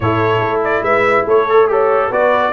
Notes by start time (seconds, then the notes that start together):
0.00 A2 E4 A4 C#5
0.40 A3
0.64 D5
0.82 G#3 B4 E5
1.25 A3 A4 C#5
1.49 A4
1.68 G4 A4 C#5
2.09 B3 F#4 B4 D5